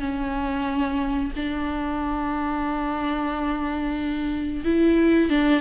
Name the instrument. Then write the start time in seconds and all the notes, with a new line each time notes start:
viola
0.00 C#4
1.36 D4
4.65 E4
5.30 D4